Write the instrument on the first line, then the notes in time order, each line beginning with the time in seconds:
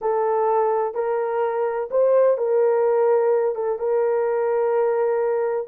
horn
0.01 A4
0.94 A#4
1.90 C5
2.37 A#4
3.55 A4
3.79 A#4